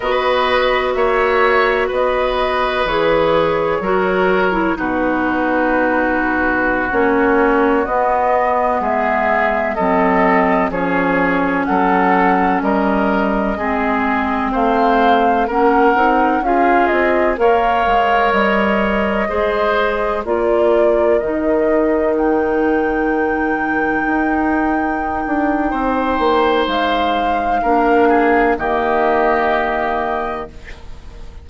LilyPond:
<<
  \new Staff \with { instrumentName = "flute" } { \time 4/4 \tempo 4 = 63 dis''4 e''4 dis''4 cis''4~ | cis''4 b'2~ b'16 cis''8.~ | cis''16 dis''4 e''4 dis''4 cis''8.~ | cis''16 fis''4 dis''2 f''8.~ |
f''16 fis''4 f''8 dis''8 f''4 dis''8.~ | dis''4~ dis''16 d''4 dis''4 g''8.~ | g''1 | f''2 dis''2 | }
  \new Staff \with { instrumentName = "oboe" } { \time 4/4 b'4 cis''4 b'2 | ais'4 fis'2.~ | fis'4~ fis'16 gis'4 a'4 gis'8.~ | gis'16 a'4 ais'4 gis'4 c''8.~ |
c''16 ais'4 gis'4 cis''4.~ cis''16~ | cis''16 c''4 ais'2~ ais'8.~ | ais'2. c''4~ | c''4 ais'8 gis'8 g'2 | }
  \new Staff \with { instrumentName = "clarinet" } { \time 4/4 fis'2. gis'4 | fis'8. e'16 dis'2~ dis'16 cis'8.~ | cis'16 b2 c'4 cis'8.~ | cis'2~ cis'16 c'4.~ c'16~ |
c'16 cis'8 dis'8 f'4 ais'4.~ ais'16~ | ais'16 gis'4 f'4 dis'4.~ dis'16~ | dis'1~ | dis'4 d'4 ais2 | }
  \new Staff \with { instrumentName = "bassoon" } { \time 4/4 b4 ais4 b4 e4 | fis4 b,2~ b,16 ais8.~ | ais16 b4 gis4 fis4 f8.~ | f16 fis4 g4 gis4 a8.~ |
a16 ais8 c'8 cis'8 c'8 ais8 gis8 g8.~ | g16 gis4 ais4 dis4.~ dis16~ | dis4~ dis16 dis'4~ dis'16 d'8 c'8 ais8 | gis4 ais4 dis2 | }
>>